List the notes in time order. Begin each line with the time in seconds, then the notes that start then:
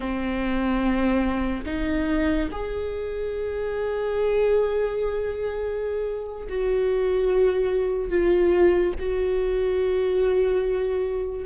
0.00 C4
1.65 D#4
2.51 G#4
6.48 F#4
8.09 F4
8.99 F#4